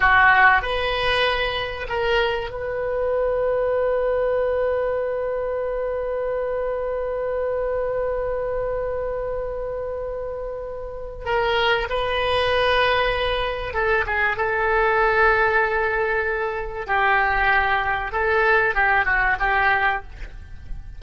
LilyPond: \new Staff \with { instrumentName = "oboe" } { \time 4/4 \tempo 4 = 96 fis'4 b'2 ais'4 | b'1~ | b'1~ | b'1~ |
b'2 ais'4 b'4~ | b'2 a'8 gis'8 a'4~ | a'2. g'4~ | g'4 a'4 g'8 fis'8 g'4 | }